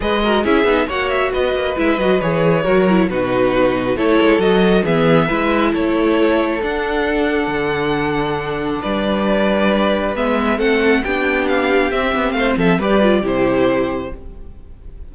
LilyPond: <<
  \new Staff \with { instrumentName = "violin" } { \time 4/4 \tempo 4 = 136 dis''4 e''4 fis''8 e''8 dis''4 | e''8 dis''8 cis''2 b'4~ | b'4 cis''4 dis''4 e''4~ | e''4 cis''2 fis''4~ |
fis''1 | d''2. e''4 | fis''4 g''4 f''4 e''4 | f''8 e''8 d''4 c''2 | }
  \new Staff \with { instrumentName = "violin" } { \time 4/4 b'8 ais'8 gis'4 cis''4 b'4~ | b'2 ais'4 fis'4~ | fis'4 a'2 gis'4 | b'4 a'2.~ |
a'1 | b'1 | a'4 g'2. | c''8 a'8 b'4 g'2 | }
  \new Staff \with { instrumentName = "viola" } { \time 4/4 gis'8 fis'8 e'8 dis'8 fis'2 | e'8 fis'8 gis'4 fis'8 e'8 dis'4~ | dis'4 e'4 fis'4 b4 | e'2. d'4~ |
d'1~ | d'2. b4 | c'4 d'2 c'4~ | c'4 g'8 f'8 e'2 | }
  \new Staff \with { instrumentName = "cello" } { \time 4/4 gis4 cis'8 b8 ais4 b8 ais8 | gis8 fis8 e4 fis4 b,4~ | b,4 a8 gis8 fis4 e4 | gis4 a2 d'4~ |
d'4 d2. | g2. gis4 | a4 b2 c'8 b8 | a8 f8 g4 c2 | }
>>